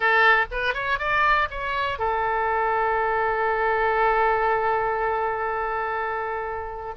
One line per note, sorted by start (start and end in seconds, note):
0.00 0.46 A4
0.51 0.74 B4
0.74 0.98 C#5
0.98 1.48 D5
1.50 1.98 C#5
1.98 6.94 A4